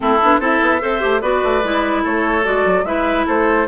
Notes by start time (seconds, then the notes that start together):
0.00 A3 C4 E4 A4
0.22 B3 D4
0.39 C4 E4 A4 E5
0.60 B3
0.80 C4 A4 C5
1.00 A3 G4
1.20 B3 F#4 B4 D5
1.43 A3
1.63 G#3 E4
2.03 A3 A4 C#5
2.43 G#3 F#4 D5
2.65 F#3
2.84 G#3 E4 B4 E5
3.26 A3 A4 C5